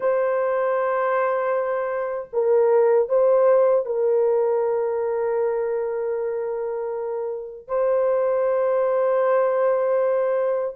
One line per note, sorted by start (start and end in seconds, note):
0.00 2.28 C5
2.32 3.08 A#4
3.08 3.85 C5
3.85 7.67 A#4
7.67 10.75 C5